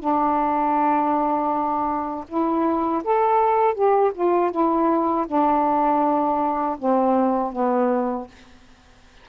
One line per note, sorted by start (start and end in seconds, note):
0.00 2.25 D4
2.28 3.03 E4
3.04 3.75 A4
3.75 4.12 G4
4.15 4.52 F4
4.52 5.27 E4
5.27 6.77 D4
6.79 7.53 C4
7.53 8.28 B3